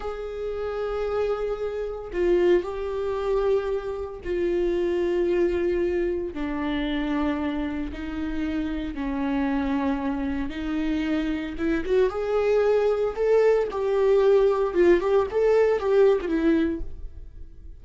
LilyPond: \new Staff \with { instrumentName = "viola" } { \time 4/4 \tempo 4 = 114 gis'1 | f'4 g'2. | f'1 | d'2. dis'4~ |
dis'4 cis'2. | dis'2 e'8 fis'8 gis'4~ | gis'4 a'4 g'2 | f'8 g'8 a'4 g'8. f'16 e'4 | }